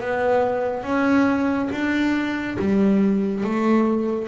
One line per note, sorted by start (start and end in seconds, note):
0.00 0.83 B3
0.83 1.69 C#4
1.71 2.57 D4
2.59 3.44 G3
3.44 4.28 A3